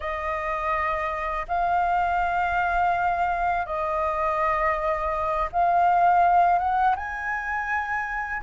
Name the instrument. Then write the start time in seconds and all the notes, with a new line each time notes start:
flute
0.00 D#5
1.48 F5
3.66 D#5
5.52 F5
6.59 F#5
6.95 G#5